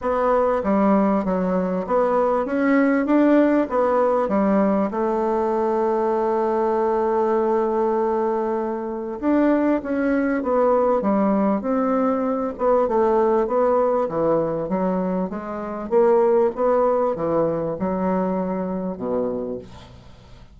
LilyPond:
\new Staff \with { instrumentName = "bassoon" } { \time 4/4 \tempo 4 = 98 b4 g4 fis4 b4 | cis'4 d'4 b4 g4 | a1~ | a2. d'4 |
cis'4 b4 g4 c'4~ | c'8 b8 a4 b4 e4 | fis4 gis4 ais4 b4 | e4 fis2 b,4 | }